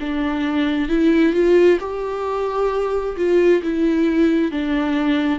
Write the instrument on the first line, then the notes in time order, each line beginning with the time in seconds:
viola
0.00 D4
0.88 E4
1.33 F4
1.80 G4
3.17 F4
3.62 E4
4.51 D4